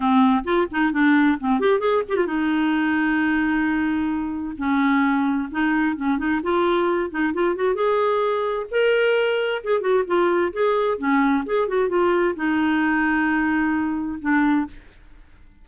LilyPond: \new Staff \with { instrumentName = "clarinet" } { \time 4/4 \tempo 4 = 131 c'4 f'8 dis'8 d'4 c'8 g'8 | gis'8 g'16 f'16 dis'2.~ | dis'2 cis'2 | dis'4 cis'8 dis'8 f'4. dis'8 |
f'8 fis'8 gis'2 ais'4~ | ais'4 gis'8 fis'8 f'4 gis'4 | cis'4 gis'8 fis'8 f'4 dis'4~ | dis'2. d'4 | }